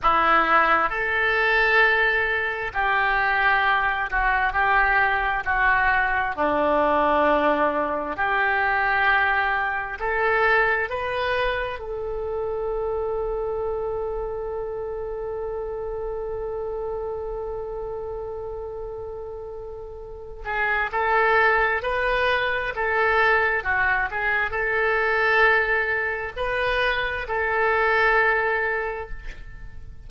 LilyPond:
\new Staff \with { instrumentName = "oboe" } { \time 4/4 \tempo 4 = 66 e'4 a'2 g'4~ | g'8 fis'8 g'4 fis'4 d'4~ | d'4 g'2 a'4 | b'4 a'2.~ |
a'1~ | a'2~ a'8 gis'8 a'4 | b'4 a'4 fis'8 gis'8 a'4~ | a'4 b'4 a'2 | }